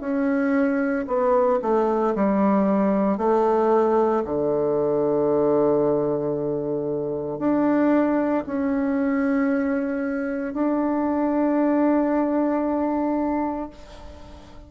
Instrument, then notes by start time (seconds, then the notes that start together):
bassoon
0.00 C#4
1.07 B3
1.62 A3
2.15 G3
3.18 A3
4.25 D3
7.39 D4
8.46 C#4
10.54 D4